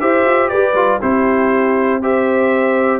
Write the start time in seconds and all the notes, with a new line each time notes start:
0.00 E4 G4 C5 E5
0.25 F4
0.48 G4 B4 D5
0.73 G3 F4
1.00 C4 E4 G4 C5
2.01 G4 C5 E5